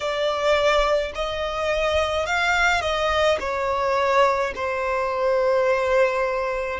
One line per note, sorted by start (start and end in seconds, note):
0.00 1.12 D5
1.14 2.25 D#5
2.25 2.80 F5
2.80 3.37 D#5
3.40 4.53 C#5
4.55 6.79 C5